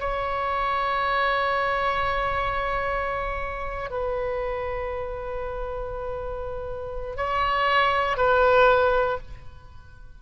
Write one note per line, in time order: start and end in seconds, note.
0.00 3.91 C#5
3.91 7.17 B4
7.17 8.17 C#5
8.17 9.18 B4